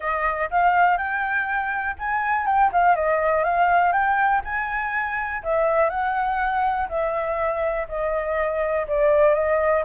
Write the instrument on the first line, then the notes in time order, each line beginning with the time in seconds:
flute
0.00 D#5
0.50 F5
0.97 G5
1.98 G#5
2.46 G5
2.72 F5
2.95 D#5
3.44 F5
3.92 G5
4.44 G#5
5.43 E5
5.89 F#5
6.88 E5
7.88 D#5
8.87 D5
9.34 D#5